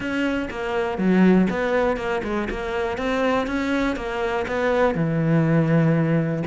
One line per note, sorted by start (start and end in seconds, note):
0.00 0.48 C#4
0.50 0.98 A#3
0.98 1.47 F#3
1.50 1.97 B3
1.97 2.21 A#3
2.23 2.48 G#3
2.50 2.97 A#3
2.97 3.46 C4
3.46 3.95 C#4
3.95 4.45 A#3
4.47 4.94 B3
4.94 6.43 E3